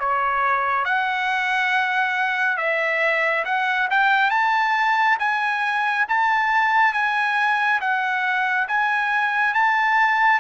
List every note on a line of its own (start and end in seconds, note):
0.00 0.85 C#5
0.85 2.58 F#5
2.58 3.45 E5
3.45 3.89 F#5
3.91 4.31 G5
4.31 5.18 A5
5.19 6.06 G#5
6.09 6.93 A5
6.93 7.80 G#5
7.81 8.68 F#5
8.68 9.54 G#5
9.54 10.40 A5